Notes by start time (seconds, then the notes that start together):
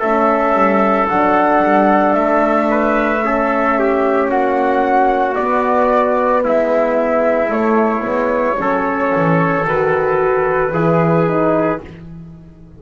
0.00 A3 C#4 A4 E5
0.53 G3
1.08 F#3 D4 F#5
1.63 G3
2.13 A3 E5
2.71 B4
3.23 C#4 A4
3.79 G4
4.29 A#3 F#4 F#5
5.35 B3 D5
6.44 G#3 E4 E5
7.49 A3 C#5
8.02 G#3 B3
8.58 F#3 C#4 A4
9.16 E3
9.64 D#3 F#4 B4
10.71 E3 E4 G#4
11.27 D#4